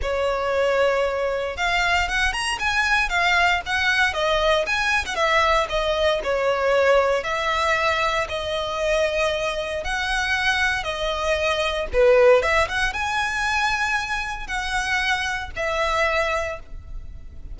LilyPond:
\new Staff \with { instrumentName = "violin" } { \time 4/4 \tempo 4 = 116 cis''2. f''4 | fis''8 ais''8 gis''4 f''4 fis''4 | dis''4 gis''8. fis''16 e''4 dis''4 | cis''2 e''2 |
dis''2. fis''4~ | fis''4 dis''2 b'4 | e''8 fis''8 gis''2. | fis''2 e''2 | }